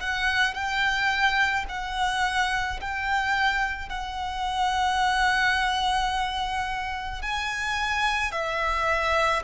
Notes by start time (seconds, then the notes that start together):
0.00 F#5
0.54 G5
1.69 F#5
2.81 G5
3.89 F#5
7.22 G#5
8.32 E5